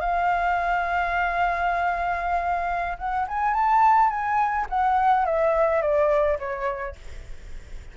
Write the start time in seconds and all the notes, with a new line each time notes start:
0.00 F5
2.98 F#5
3.28 G#5
3.54 A5
4.09 G#5
4.69 F#5
5.25 E5
5.81 D5
6.39 C#5